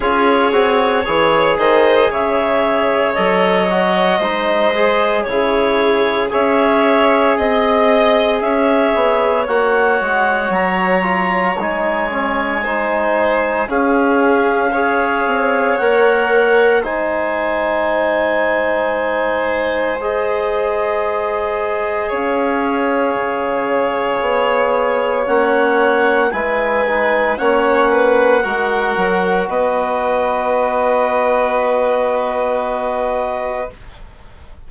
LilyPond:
<<
  \new Staff \with { instrumentName = "clarinet" } { \time 4/4 \tempo 4 = 57 cis''4. dis''8 e''4 dis''4~ | dis''4 cis''4 e''4 dis''4 | e''4 fis''4 ais''4 gis''4~ | gis''4 f''2 fis''4 |
gis''2. dis''4~ | dis''4 f''2. | fis''4 gis''4 fis''2 | dis''1 | }
  \new Staff \with { instrumentName = "violin" } { \time 4/4 gis'4 cis''8 c''8 cis''2 | c''4 gis'4 cis''4 dis''4 | cis''1 | c''4 gis'4 cis''2 |
c''1~ | c''4 cis''2.~ | cis''4 b'4 cis''8 b'8 ais'4 | b'1 | }
  \new Staff \with { instrumentName = "trombone" } { \time 4/4 f'8 fis'8 gis'2 a'8 fis'8 | dis'8 gis'8 e'4 gis'2~ | gis'4 fis'4. f'8 dis'8 cis'8 | dis'4 cis'4 gis'4 ais'4 |
dis'2. gis'4~ | gis'1 | cis'4 e'8 dis'8 cis'4 fis'4~ | fis'1 | }
  \new Staff \with { instrumentName = "bassoon" } { \time 4/4 cis'8 c'8 e8 dis8 cis4 fis4 | gis4 cis4 cis'4 c'4 | cis'8 b8 ais8 gis8 fis4 gis4~ | gis4 cis'4. c'8 ais4 |
gis1~ | gis4 cis'4 cis4 b4 | ais4 gis4 ais4 gis8 fis8 | b1 | }
>>